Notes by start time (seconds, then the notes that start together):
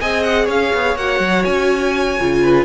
0.00 C4 G#4 D#5 G#5
0.23 F#5
0.45 C#4 C#5 F5
0.73 B3
0.95 A#3 F#4 F#5
1.19 F#3
1.44 C#4 G#5
2.19 C#3 F4
2.42 B4